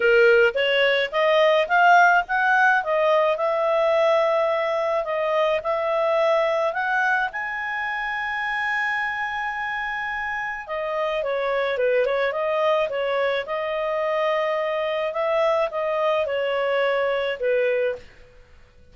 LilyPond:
\new Staff \with { instrumentName = "clarinet" } { \time 4/4 \tempo 4 = 107 ais'4 cis''4 dis''4 f''4 | fis''4 dis''4 e''2~ | e''4 dis''4 e''2 | fis''4 gis''2.~ |
gis''2. dis''4 | cis''4 b'8 cis''8 dis''4 cis''4 | dis''2. e''4 | dis''4 cis''2 b'4 | }